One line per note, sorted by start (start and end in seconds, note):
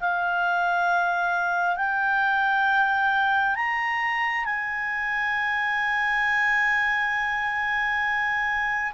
0.00 1.76 F5
1.76 3.55 G5
3.55 4.45 A#5
4.45 8.93 G#5